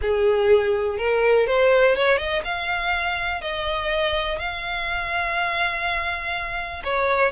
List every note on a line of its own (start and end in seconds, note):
0.01 0.98 G#4
0.98 1.46 A#4
1.46 1.95 C5
1.95 2.18 C#5
2.18 2.42 D#5
2.44 3.41 F5
3.41 4.38 D#5
4.39 6.82 F5
6.83 7.31 C#5